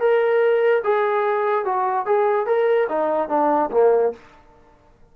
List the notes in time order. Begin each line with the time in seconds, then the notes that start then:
0.00 A#4
0.84 G#4
1.65 F#4
2.06 G#4
2.47 A#4
2.89 D#4
3.29 D4
3.71 A#3